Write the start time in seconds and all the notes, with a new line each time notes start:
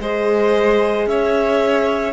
0.00 G#3 G#4 C5 D#5
1.06 C#4 C#5 E5